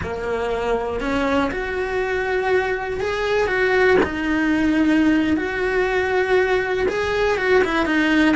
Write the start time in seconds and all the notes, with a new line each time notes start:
0.02 A#3
1.00 C#4
1.51 F#4
3.00 G#4
3.47 F#4
4.03 D#4
5.36 F#4
6.88 G#4
7.37 F#4
7.63 E4
7.85 D#4